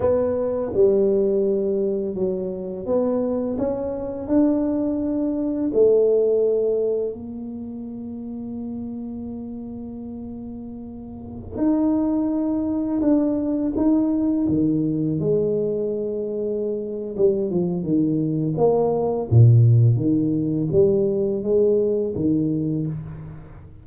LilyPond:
\new Staff \with { instrumentName = "tuba" } { \time 4/4 \tempo 4 = 84 b4 g2 fis4 | b4 cis'4 d'2 | a2 ais2~ | ais1~ |
ais16 dis'2 d'4 dis'8.~ | dis'16 dis4 gis2~ gis8. | g8 f8 dis4 ais4 ais,4 | dis4 g4 gis4 dis4 | }